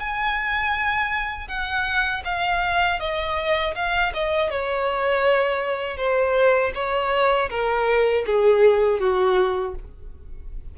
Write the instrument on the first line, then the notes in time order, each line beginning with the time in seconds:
violin
0.00 G#5
1.48 F#5
2.25 F5
3.00 D#5
3.75 F5
4.14 D#5
4.51 C#5
5.97 C5
6.75 C#5
7.50 A#4
8.27 G#4
9.00 F#4